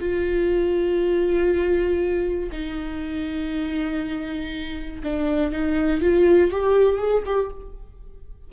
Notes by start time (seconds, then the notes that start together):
0.00 F4
2.51 D#4
5.03 D4
5.52 D#4
6.01 F4
6.51 G4
6.98 G#4
7.25 G4